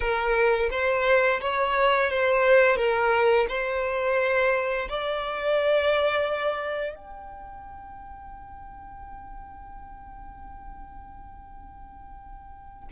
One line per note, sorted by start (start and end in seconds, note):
0.00 0.69 A#4
0.70 1.40 C5
1.40 2.10 C#5
2.10 2.76 C5
2.76 3.46 A#4
3.49 4.88 C5
4.88 6.95 D5
6.95 12.88 G5